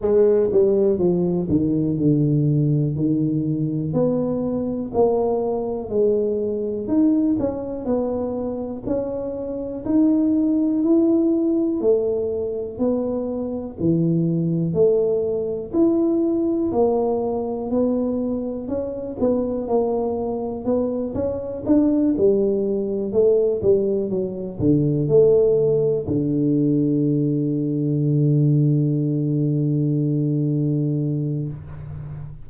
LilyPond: \new Staff \with { instrumentName = "tuba" } { \time 4/4 \tempo 4 = 61 gis8 g8 f8 dis8 d4 dis4 | b4 ais4 gis4 dis'8 cis'8 | b4 cis'4 dis'4 e'4 | a4 b4 e4 a4 |
e'4 ais4 b4 cis'8 b8 | ais4 b8 cis'8 d'8 g4 a8 | g8 fis8 d8 a4 d4.~ | d1 | }